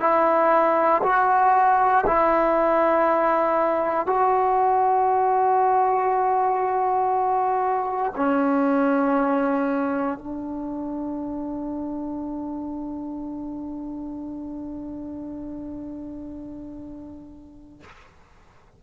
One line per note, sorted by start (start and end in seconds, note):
0.00 1.02 E4
1.03 2.05 F#4
2.06 4.06 E4
4.06 8.13 F#4
8.15 10.18 C#4
10.18 17.81 D4